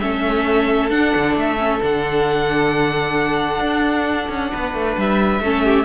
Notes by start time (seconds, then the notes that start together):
0.00 A3 C#4 A4 E5
0.90 D4 F#5
1.15 D3
1.35 A3 E5
1.58 C#4
1.82 D3 D4 F#5
3.60 D4
4.29 C#4
4.52 B3 B4
4.74 A3
4.97 G3 E5
5.40 A3 C#4 A4
5.64 G4